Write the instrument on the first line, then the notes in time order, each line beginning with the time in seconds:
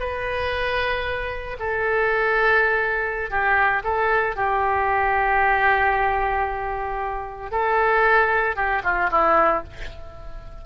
oboe
0.00 B4
1.60 A4
3.31 G4
3.84 A4
4.37 G4
7.52 A4
8.56 G4
8.84 F4
9.11 E4